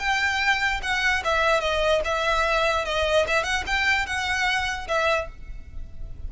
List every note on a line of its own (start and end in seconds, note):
0.00 0.81 G5
0.83 1.23 F#5
1.24 1.61 E5
1.61 2.02 D#5
2.05 2.85 E5
2.85 3.26 D#5
3.28 3.44 E5
3.44 3.64 F#5
3.67 4.07 G5
4.07 4.88 F#5
4.88 5.29 E5